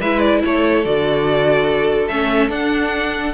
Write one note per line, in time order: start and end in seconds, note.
0.00 0.43 G#3
0.00 0.84 E4
0.00 0.42 B4
0.00 0.20 E5
0.20 0.40 D5
0.45 0.86 A3
0.45 3.34 A4
0.45 0.86 C#5
0.84 2.10 D3
0.84 2.09 F#4
0.84 2.08 D5
2.08 2.50 A3
2.08 2.49 C#4
2.08 2.50 E5
2.49 3.33 D4
2.49 3.34 F#5